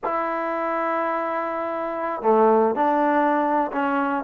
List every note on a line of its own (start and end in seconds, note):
0.04 2.21 E4
2.21 2.75 A3
2.75 3.71 D4
3.72 4.24 C#4